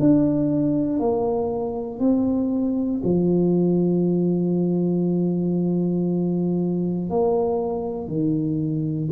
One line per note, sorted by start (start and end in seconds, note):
0.00 1.00 D4
1.00 2.00 A#3
2.00 3.02 C4
3.04 7.10 F3
7.10 8.08 A#3
8.08 9.10 D#3